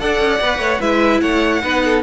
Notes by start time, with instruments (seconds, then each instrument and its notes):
0.00 cello D4, viola A4, violin D5 F#5
0.19 cello C#4
0.41 cello B3, viola B4
0.58 cello A3, violin C#5
0.80 cello G#3, viola E4, violin B4 E5
1.21 cello A3, violin C#5 F#5
1.63 cello B3, viola D#4, violin B4
1.84 violin A4